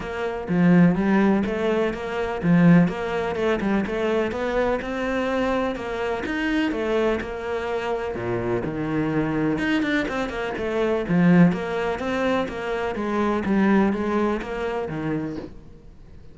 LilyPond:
\new Staff \with { instrumentName = "cello" } { \time 4/4 \tempo 4 = 125 ais4 f4 g4 a4 | ais4 f4 ais4 a8 g8 | a4 b4 c'2 | ais4 dis'4 a4 ais4~ |
ais4 ais,4 dis2 | dis'8 d'8 c'8 ais8 a4 f4 | ais4 c'4 ais4 gis4 | g4 gis4 ais4 dis4 | }